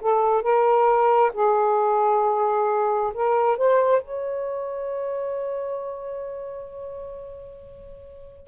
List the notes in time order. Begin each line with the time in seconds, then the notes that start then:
0.00 A4
0.42 A#4
1.33 G#4
3.13 A#4
3.57 C5
4.02 C#5